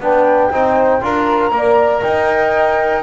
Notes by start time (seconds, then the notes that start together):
0.00 B3 D4 B4 G5
0.51 C4 D#4 C5
1.01 D4 F4 A#4 A#5
1.51 A#3 A#4 D5
2.02 D#4 D#5 G5